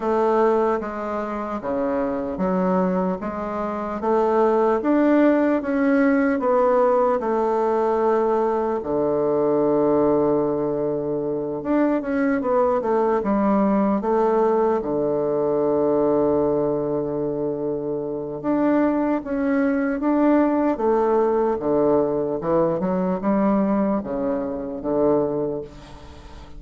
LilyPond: \new Staff \with { instrumentName = "bassoon" } { \time 4/4 \tempo 4 = 75 a4 gis4 cis4 fis4 | gis4 a4 d'4 cis'4 | b4 a2 d4~ | d2~ d8 d'8 cis'8 b8 |
a8 g4 a4 d4.~ | d2. d'4 | cis'4 d'4 a4 d4 | e8 fis8 g4 cis4 d4 | }